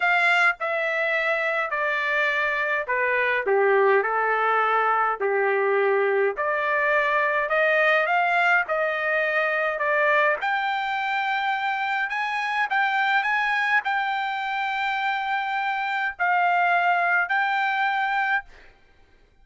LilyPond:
\new Staff \with { instrumentName = "trumpet" } { \time 4/4 \tempo 4 = 104 f''4 e''2 d''4~ | d''4 b'4 g'4 a'4~ | a'4 g'2 d''4~ | d''4 dis''4 f''4 dis''4~ |
dis''4 d''4 g''2~ | g''4 gis''4 g''4 gis''4 | g''1 | f''2 g''2 | }